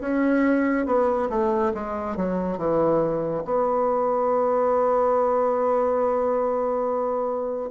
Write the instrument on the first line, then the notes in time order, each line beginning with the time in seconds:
bassoon
0.00 C#4
0.86 B3
1.29 A3
1.74 G#3
2.16 F#3
2.57 E3
3.44 B3